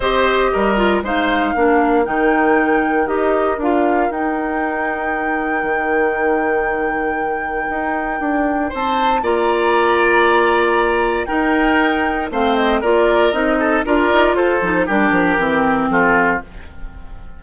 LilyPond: <<
  \new Staff \with { instrumentName = "flute" } { \time 4/4 \tempo 4 = 117 dis''2 f''2 | g''2 dis''4 f''4 | g''1~ | g''1~ |
g''4 a''4 ais''2~ | ais''2 g''2 | f''8 dis''8 d''4 dis''4 d''4 | c''4 ais'2 a'4 | }
  \new Staff \with { instrumentName = "oboe" } { \time 4/4 c''4 ais'4 c''4 ais'4~ | ais'1~ | ais'1~ | ais'1~ |
ais'4 c''4 d''2~ | d''2 ais'2 | c''4 ais'4. a'8 ais'4 | a'4 g'2 f'4 | }
  \new Staff \with { instrumentName = "clarinet" } { \time 4/4 g'4. f'8 dis'4 d'4 | dis'2 g'4 f'4 | dis'1~ | dis'1~ |
dis'2 f'2~ | f'2 dis'2 | c'4 f'4 dis'4 f'4~ | f'8 dis'8 d'4 c'2 | }
  \new Staff \with { instrumentName = "bassoon" } { \time 4/4 c'4 g4 gis4 ais4 | dis2 dis'4 d'4 | dis'2. dis4~ | dis2. dis'4 |
d'4 c'4 ais2~ | ais2 dis'2 | a4 ais4 c'4 d'8 dis'8 | f'8 f8 g8 f8 e4 f4 | }
>>